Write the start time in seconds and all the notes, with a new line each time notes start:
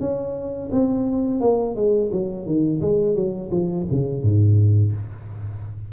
0.00 C#4
0.72 C4
1.41 A#3
1.76 G#3
2.12 F#3
2.46 D#3
2.82 G#3
3.16 F#3
3.52 F3
3.91 C#3
4.23 G#2